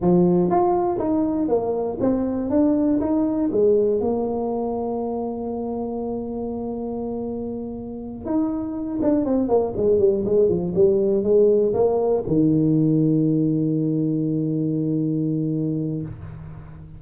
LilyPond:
\new Staff \with { instrumentName = "tuba" } { \time 4/4 \tempo 4 = 120 f4 f'4 dis'4 ais4 | c'4 d'4 dis'4 gis4 | ais1~ | ais1~ |
ais8 dis'4. d'8 c'8 ais8 gis8 | g8 gis8 f8 g4 gis4 ais8~ | ais8 dis2.~ dis8~ | dis1 | }